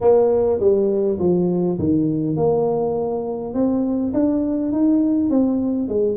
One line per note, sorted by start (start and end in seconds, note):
0.01 0.59 A#3
0.59 1.18 G3
1.19 1.78 F3
1.79 2.36 D#3
2.36 3.53 A#3
3.53 4.12 C4
4.13 4.72 D4
4.72 5.30 D#4
5.30 5.88 C4
5.88 6.16 G#3